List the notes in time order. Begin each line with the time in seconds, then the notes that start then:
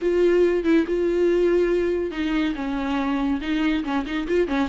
0.01 F4
0.64 E4
0.87 F4
2.11 D#4
2.55 C#4
3.41 D#4
3.83 C#4
4.06 D#4
4.27 F4
4.47 C#4